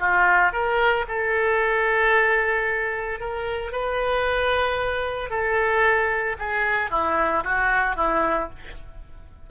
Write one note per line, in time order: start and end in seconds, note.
0.00 0.53 F4
0.53 1.06 A#4
1.08 3.20 A4
3.20 3.72 A#4
3.72 5.30 B4
5.30 6.37 A4
6.39 6.91 G#4
6.91 7.44 E4
7.44 7.96 F#4
7.96 8.49 E4